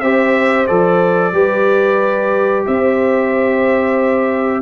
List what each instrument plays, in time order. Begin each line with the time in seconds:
0.00 tuba C4, trombone G4, horn C5, trumpet E5
0.66 tuba F3, trombone A4, trumpet D5
1.32 tuba G3, trombone G4, horn B4
2.66 tuba C4, horn C5, trumpet E5